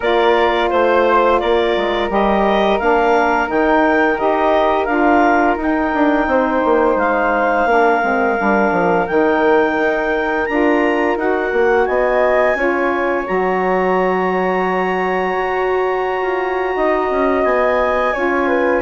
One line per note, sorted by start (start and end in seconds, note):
0.00 0.70 A#3
0.00 2.09 F4
0.00 0.69 A#4
0.00 0.70 D5
0.70 1.42 A3
0.70 1.39 C5
0.70 1.40 C5
1.39 1.76 A#3
1.39 6.29 A#4
1.39 2.09 D5
1.76 2.09 G#3
2.09 2.79 G3
2.09 2.79 G4
2.09 2.79 D#5
2.79 3.49 A#3
2.79 3.47 D4
2.79 3.49 F5
3.47 4.19 D#3
3.47 4.16 D#4
3.47 4.18 G5
4.17 4.87 D#4
4.17 4.87 G4
4.17 4.85 D#5
4.85 5.56 D4
4.85 5.58 F4
4.85 5.55 F5
5.56 5.91 D#4
5.56 7.68 D#4
5.56 6.98 G5
5.94 6.26 D4
6.26 6.61 C4
6.26 7.68 C5
6.64 6.95 A#3
6.95 7.65 G#3
6.95 9.07 F5
7.65 8.00 A#3
7.65 8.02 D4
7.65 11.86 A#4
8.02 8.38 G#3
8.02 8.36 C4
8.36 8.71 G3
8.36 9.06 D4
8.71 9.06 F3
9.07 9.76 D#3
9.07 10.47 D#4
9.07 10.46 G5
9.76 10.46 D#4
10.46 11.16 D4
10.46 11.17 F4
10.46 11.16 A#5
11.16 11.51 D#4
11.16 12.55 F#4
11.16 11.86 F#5
11.52 11.87 A#3
11.86 12.54 B3
11.86 12.57 D#5
11.86 13.25 G#5
12.54 13.24 C#4
12.54 13.24 F4
12.54 16.76 C#5
13.24 15.36 F#3
13.24 18.12 F#4
13.24 17.44 A#5
15.36 16.22 F#4
16.22 16.74 F4
16.76 17.10 D#4
16.76 18.13 D#5
17.10 17.43 C#4
17.43 18.13 B3
17.43 18.81 G#5
18.13 18.81 C#4
18.13 18.81 F4
18.13 18.47 C#5
18.47 18.81 B4